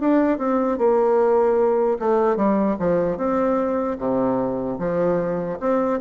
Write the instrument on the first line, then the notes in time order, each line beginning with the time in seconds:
bassoon
0.00 D4
0.38 C4
0.78 A#3
2.00 A3
2.37 G3
2.79 F3
3.17 C4
3.99 C3
4.79 F3
5.60 C4